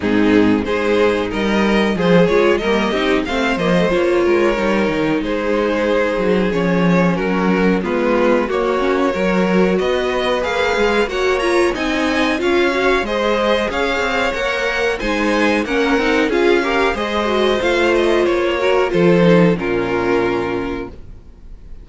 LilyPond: <<
  \new Staff \with { instrumentName = "violin" } { \time 4/4 \tempo 4 = 92 gis'4 c''4 dis''4 c''8 cis''8 | dis''4 f''8 dis''8 cis''2 | c''2 cis''4 ais'4 | b'4 cis''2 dis''4 |
f''4 fis''8 ais''8 gis''4 f''4 | dis''4 f''4 fis''4 gis''4 | fis''4 f''4 dis''4 f''8 dis''8 | cis''4 c''4 ais'2 | }
  \new Staff \with { instrumentName = "violin" } { \time 4/4 dis'4 gis'4 ais'4 gis'4 | ais'8 g'8 c''4. ais'4. | gis'2. fis'4 | f'4 fis'4 ais'4 b'4~ |
b'4 cis''4 dis''4 cis''4 | c''4 cis''2 c''4 | ais'4 gis'8 ais'8 c''2~ | c''8 ais'8 a'4 f'2 | }
  \new Staff \with { instrumentName = "viola" } { \time 4/4 c'4 dis'2 gis'8 f'8 | ais8 dis'8 c'8 ais16 a16 f'4 dis'4~ | dis'2 cis'2 | b4 ais8 cis'8 fis'2 |
gis'4 fis'8 f'8 dis'4 f'8 fis'8 | gis'2 ais'4 dis'4 | cis'8 dis'8 f'8 g'8 gis'8 fis'8 f'4~ | f'8 fis'8 f'8 dis'8 cis'2 | }
  \new Staff \with { instrumentName = "cello" } { \time 4/4 gis,4 gis4 g4 f8 gis8 | g8 c'8 a8 f8 ais8 gis8 g8 dis8 | gis4. fis8 f4 fis4 | gis4 ais4 fis4 b4 |
ais8 gis8 ais4 c'4 cis'4 | gis4 cis'8 c'8 ais4 gis4 | ais8 c'8 cis'4 gis4 a4 | ais4 f4 ais,2 | }
>>